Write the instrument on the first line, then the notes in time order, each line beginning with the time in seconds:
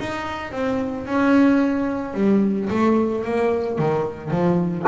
double bass
0.00 D#4
0.52 C4
1.06 C#4
2.14 G3
2.70 A3
3.24 A#3
3.78 D#3
4.31 F3